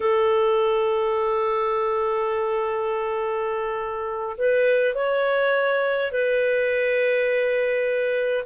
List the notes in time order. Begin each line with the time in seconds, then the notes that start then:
0.00 A4
4.37 B4
4.95 C#5
6.11 B4